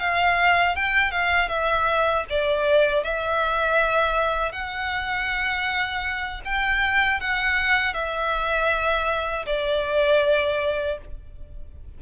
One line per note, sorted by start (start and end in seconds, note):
0.00 0.76 F5
0.76 1.12 G5
1.12 1.49 F5
1.49 2.25 E5
2.30 3.04 D5
3.04 4.52 E5
4.52 6.42 F#5
6.46 7.21 G5
7.21 7.94 F#5
7.94 9.46 E5
9.47 10.99 D5